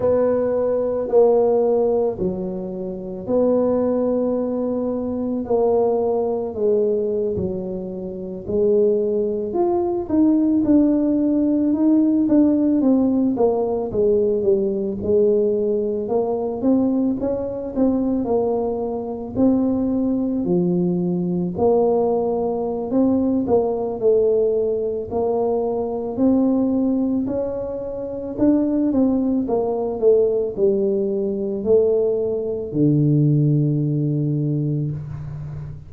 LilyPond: \new Staff \with { instrumentName = "tuba" } { \time 4/4 \tempo 4 = 55 b4 ais4 fis4 b4~ | b4 ais4 gis8. fis4 gis16~ | gis8. f'8 dis'8 d'4 dis'8 d'8 c'16~ | c'16 ais8 gis8 g8 gis4 ais8 c'8 cis'16~ |
cis'16 c'8 ais4 c'4 f4 ais16~ | ais4 c'8 ais8 a4 ais4 | c'4 cis'4 d'8 c'8 ais8 a8 | g4 a4 d2 | }